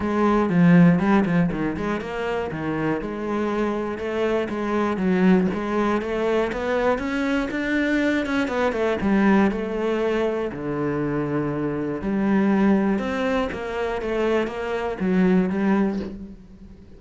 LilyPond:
\new Staff \with { instrumentName = "cello" } { \time 4/4 \tempo 4 = 120 gis4 f4 g8 f8 dis8 gis8 | ais4 dis4 gis2 | a4 gis4 fis4 gis4 | a4 b4 cis'4 d'4~ |
d'8 cis'8 b8 a8 g4 a4~ | a4 d2. | g2 c'4 ais4 | a4 ais4 fis4 g4 | }